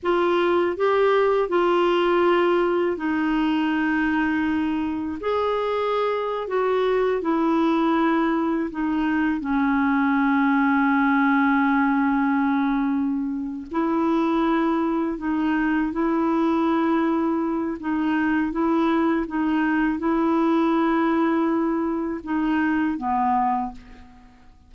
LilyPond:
\new Staff \with { instrumentName = "clarinet" } { \time 4/4 \tempo 4 = 81 f'4 g'4 f'2 | dis'2. gis'4~ | gis'8. fis'4 e'2 dis'16~ | dis'8. cis'2.~ cis'16~ |
cis'2~ cis'8 e'4.~ | e'8 dis'4 e'2~ e'8 | dis'4 e'4 dis'4 e'4~ | e'2 dis'4 b4 | }